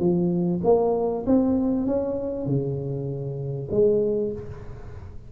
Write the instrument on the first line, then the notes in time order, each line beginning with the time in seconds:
tuba
0.00 F3
0.64 A#3
1.26 C4
1.87 C#4
2.47 C#3
3.71 G#3